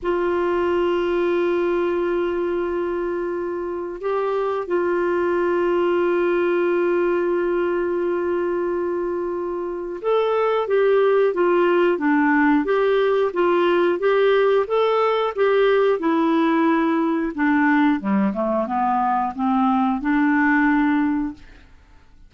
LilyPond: \new Staff \with { instrumentName = "clarinet" } { \time 4/4 \tempo 4 = 90 f'1~ | f'2 g'4 f'4~ | f'1~ | f'2. a'4 |
g'4 f'4 d'4 g'4 | f'4 g'4 a'4 g'4 | e'2 d'4 g8 a8 | b4 c'4 d'2 | }